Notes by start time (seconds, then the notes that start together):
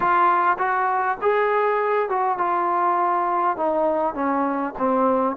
0.00 F4
0.58 F#4
1.21 G#4
2.09 F#4
2.38 F4
3.56 D#4
4.14 C#4
4.78 C4